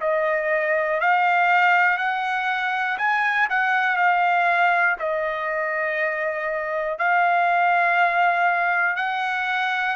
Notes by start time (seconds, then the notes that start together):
0.00 D#5
1.00 F5
1.97 F#5
2.98 G#5
3.49 F#5
3.96 F5
4.99 D#5
6.98 F5
8.96 F#5